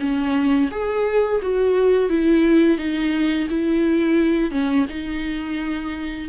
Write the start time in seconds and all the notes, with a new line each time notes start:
0.00 C#4
0.71 G#4
1.42 F#4
2.10 E4
2.78 D#4
3.50 E4
4.51 C#4
4.89 D#4